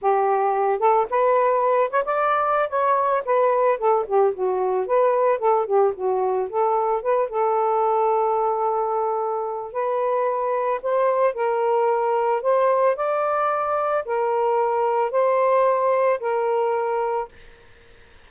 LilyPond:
\new Staff \with { instrumentName = "saxophone" } { \time 4/4 \tempo 4 = 111 g'4. a'8 b'4. cis''16 d''16~ | d''4 cis''4 b'4 a'8 g'8 | fis'4 b'4 a'8 g'8 fis'4 | a'4 b'8 a'2~ a'8~ |
a'2 b'2 | c''4 ais'2 c''4 | d''2 ais'2 | c''2 ais'2 | }